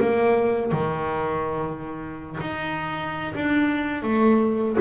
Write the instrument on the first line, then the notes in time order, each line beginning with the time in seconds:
double bass
0.00 A#3
0.72 D#3
2.41 D#4
3.35 D4
4.03 A3